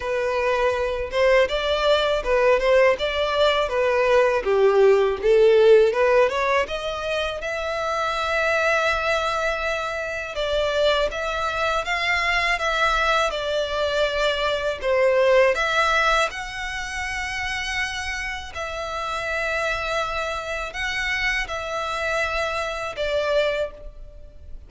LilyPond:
\new Staff \with { instrumentName = "violin" } { \time 4/4 \tempo 4 = 81 b'4. c''8 d''4 b'8 c''8 | d''4 b'4 g'4 a'4 | b'8 cis''8 dis''4 e''2~ | e''2 d''4 e''4 |
f''4 e''4 d''2 | c''4 e''4 fis''2~ | fis''4 e''2. | fis''4 e''2 d''4 | }